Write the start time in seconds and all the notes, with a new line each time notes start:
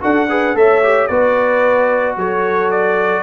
0.00 D4 F#4 A4 F#5
0.29 G#4 B4
0.54 A3 A4 C#5 E5
0.82 G4
1.07 B3 F#4 B4 D5
2.16 F#3 A4 C#5
2.70 D5